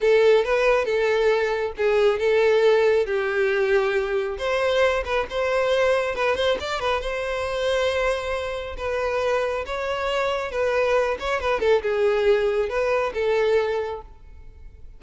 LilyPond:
\new Staff \with { instrumentName = "violin" } { \time 4/4 \tempo 4 = 137 a'4 b'4 a'2 | gis'4 a'2 g'4~ | g'2 c''4. b'8 | c''2 b'8 c''8 d''8 b'8 |
c''1 | b'2 cis''2 | b'4. cis''8 b'8 a'8 gis'4~ | gis'4 b'4 a'2 | }